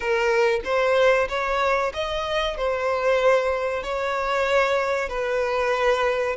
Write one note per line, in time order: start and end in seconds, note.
0.00 0.60 A#4
0.64 1.28 C5
1.28 1.92 C#5
1.93 2.57 D#5
2.57 3.83 C5
3.83 5.09 C#5
5.09 6.36 B4